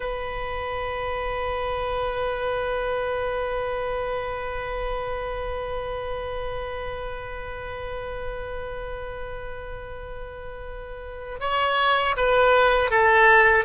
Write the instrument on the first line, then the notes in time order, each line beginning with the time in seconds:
oboe
0.00 B4
11.40 C#5
12.16 B4
12.90 A4